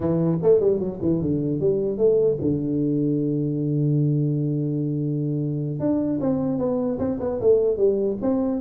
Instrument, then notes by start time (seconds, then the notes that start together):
tuba
0.00 E3
0.42 A3
0.60 G3
0.79 F#3
1.01 E3
1.21 D3
1.59 G3
1.97 A3
2.41 D3
5.79 D4
6.20 C4
6.58 B3
6.98 C4
7.19 B3
7.40 A3
7.77 G3
8.21 C4